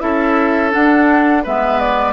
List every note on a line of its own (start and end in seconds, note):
0.00 0.74 C#4
0.00 0.71 E4
0.00 1.44 A4
0.00 0.71 E5
0.71 1.42 D4
0.71 1.46 D4
0.71 1.44 F#5
1.44 2.13 G#3
1.44 2.13 B3
1.44 2.13 B4
1.44 1.80 E5
1.80 2.13 D5